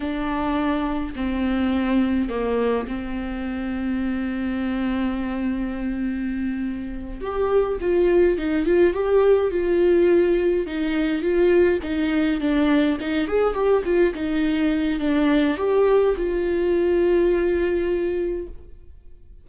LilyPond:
\new Staff \with { instrumentName = "viola" } { \time 4/4 \tempo 4 = 104 d'2 c'2 | ais4 c'2.~ | c'1~ | c'8 g'4 f'4 dis'8 f'8 g'8~ |
g'8 f'2 dis'4 f'8~ | f'8 dis'4 d'4 dis'8 gis'8 g'8 | f'8 dis'4. d'4 g'4 | f'1 | }